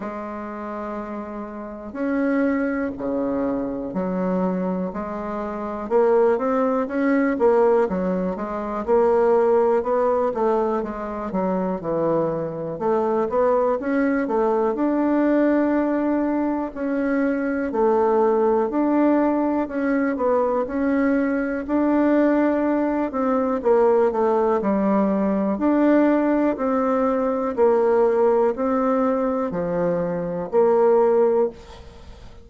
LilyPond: \new Staff \with { instrumentName = "bassoon" } { \time 4/4 \tempo 4 = 61 gis2 cis'4 cis4 | fis4 gis4 ais8 c'8 cis'8 ais8 | fis8 gis8 ais4 b8 a8 gis8 fis8 | e4 a8 b8 cis'8 a8 d'4~ |
d'4 cis'4 a4 d'4 | cis'8 b8 cis'4 d'4. c'8 | ais8 a8 g4 d'4 c'4 | ais4 c'4 f4 ais4 | }